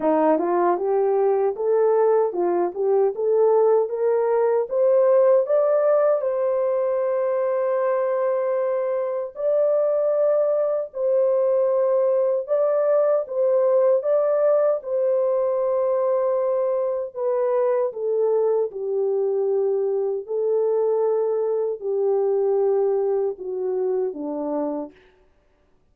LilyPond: \new Staff \with { instrumentName = "horn" } { \time 4/4 \tempo 4 = 77 dis'8 f'8 g'4 a'4 f'8 g'8 | a'4 ais'4 c''4 d''4 | c''1 | d''2 c''2 |
d''4 c''4 d''4 c''4~ | c''2 b'4 a'4 | g'2 a'2 | g'2 fis'4 d'4 | }